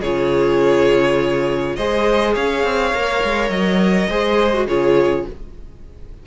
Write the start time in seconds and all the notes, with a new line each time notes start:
0.00 C#3 F4 G#4 C#5
1.76 G#3 G#4 C5 D#5
2.34 C#4 C#5 F5
2.63 C4
2.94 A#3 A#4
3.23 G#3
3.49 F#3 D#5
4.08 G#3 G#4 C5
4.53 F#4
4.67 C#3 F4 G#4 C#5